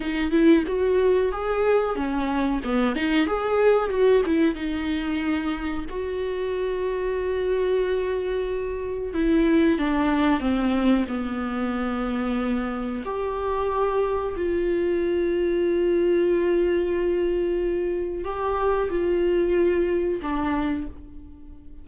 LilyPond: \new Staff \with { instrumentName = "viola" } { \time 4/4 \tempo 4 = 92 dis'8 e'8 fis'4 gis'4 cis'4 | b8 dis'8 gis'4 fis'8 e'8 dis'4~ | dis'4 fis'2.~ | fis'2 e'4 d'4 |
c'4 b2. | g'2 f'2~ | f'1 | g'4 f'2 d'4 | }